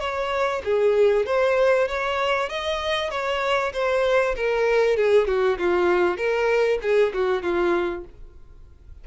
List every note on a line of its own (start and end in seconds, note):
0.00 0.62 C#5
0.65 1.26 G#4
1.26 1.88 C5
1.88 2.49 C#5
2.49 3.10 D#5
3.10 3.72 C#5
3.73 4.35 C5
4.36 4.97 A#4
4.97 5.27 G#4
5.27 5.58 F#4
5.58 6.17 F4
6.17 6.79 A#4
6.82 7.13 G#4
7.14 7.43 F#4
7.43 8.04 F4